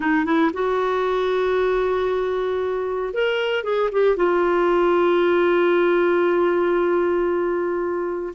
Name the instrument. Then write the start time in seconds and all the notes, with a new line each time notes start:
clarinet
0.00 D#4
0.25 E4
0.53 F#4
3.13 A#4
3.63 G#4
3.92 G4
4.16 F4